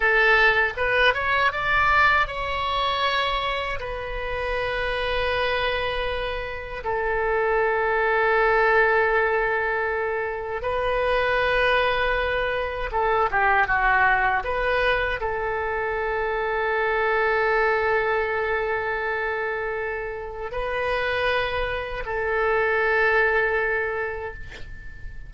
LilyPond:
\new Staff \with { instrumentName = "oboe" } { \time 4/4 \tempo 4 = 79 a'4 b'8 cis''8 d''4 cis''4~ | cis''4 b'2.~ | b'4 a'2.~ | a'2 b'2~ |
b'4 a'8 g'8 fis'4 b'4 | a'1~ | a'2. b'4~ | b'4 a'2. | }